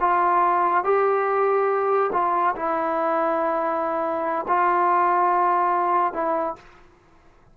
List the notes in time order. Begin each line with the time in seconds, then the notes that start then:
0.00 F4
0.84 G4
2.12 F4
2.55 E4
4.48 F4
6.13 E4